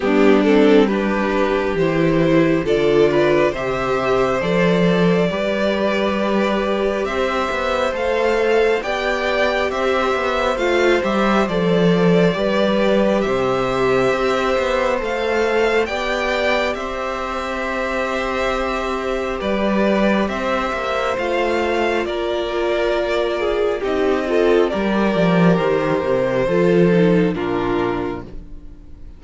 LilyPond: <<
  \new Staff \with { instrumentName = "violin" } { \time 4/4 \tempo 4 = 68 g'8 a'8 b'4 c''4 d''4 | e''4 d''2. | e''4 f''4 g''4 e''4 | f''8 e''8 d''2 e''4~ |
e''4 f''4 g''4 e''4~ | e''2 d''4 e''4 | f''4 d''2 dis''4 | d''4 c''2 ais'4 | }
  \new Staff \with { instrumentName = "violin" } { \time 4/4 d'4 g'2 a'8 b'8 | c''2 b'2 | c''2 d''4 c''4~ | c''2 b'4 c''4~ |
c''2 d''4 c''4~ | c''2 b'4 c''4~ | c''4 ais'4. gis'8 g'8 a'8 | ais'2 a'4 f'4 | }
  \new Staff \with { instrumentName = "viola" } { \time 4/4 b8 c'8 d'4 e'4 f'4 | g'4 a'4 g'2~ | g'4 a'4 g'2 | f'8 g'8 a'4 g'2~ |
g'4 a'4 g'2~ | g'1 | f'2. dis'8 f'8 | g'2 f'8 dis'8 d'4 | }
  \new Staff \with { instrumentName = "cello" } { \time 4/4 g2 e4 d4 | c4 f4 g2 | c'8 b8 a4 b4 c'8 b8 | a8 g8 f4 g4 c4 |
c'8 b8 a4 b4 c'4~ | c'2 g4 c'8 ais8 | a4 ais2 c'4 | g8 f8 dis8 c8 f4 ais,4 | }
>>